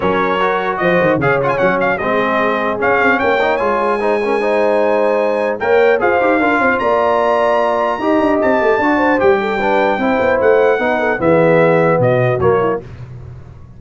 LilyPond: <<
  \new Staff \with { instrumentName = "trumpet" } { \time 4/4 \tempo 4 = 150 cis''2 dis''4 f''8 fis''16 gis''16 | fis''8 f''8 dis''2 f''4 | g''4 gis''2.~ | gis''2 g''4 f''4~ |
f''4 ais''2.~ | ais''4 a''2 g''4~ | g''2 fis''2 | e''2 dis''4 cis''4 | }
  \new Staff \with { instrumentName = "horn" } { \time 4/4 ais'2 c''4 cis''4~ | cis''4 gis'2. | cis''2 c''8 ais'8 c''4~ | c''2 cis''4 c''4 |
ais'8 c''8 d''2. | dis''2 d''8 c''4 a'8 | b'4 c''2 b'8 a'8 | gis'2 fis'4. e'8 | }
  \new Staff \with { instrumentName = "trombone" } { \time 4/4 cis'4 fis'2 gis'8 f'8 | cis'4 c'2 cis'4~ | cis'8 dis'8 f'4 dis'8 cis'8 dis'4~ | dis'2 ais'4 gis'8 g'8 |
f'1 | g'2 fis'4 g'4 | d'4 e'2 dis'4 | b2. ais4 | }
  \new Staff \with { instrumentName = "tuba" } { \time 4/4 fis2 f8 dis8 cis4 | fis4 gis2 cis'8 c'8 | ais4 gis2.~ | gis2 ais4 f'8 dis'8 |
d'8 c'8 ais2. | dis'8 d'8 c'8 a8 d'4 g4~ | g4 c'8 b8 a4 b4 | e2 b,4 fis4 | }
>>